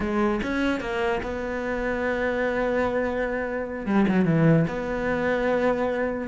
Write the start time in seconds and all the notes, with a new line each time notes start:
0.00 G#3
0.42 C#4
0.80 A#3
1.22 B3
3.86 G3
4.07 F#3
4.25 E3
4.67 B3